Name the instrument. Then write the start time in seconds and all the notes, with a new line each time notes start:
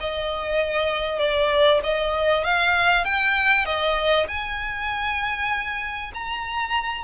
violin
0.00 D#5
1.19 D5
1.83 D#5
2.44 F5
3.04 G5
3.65 D#5
4.28 G#5
6.14 A#5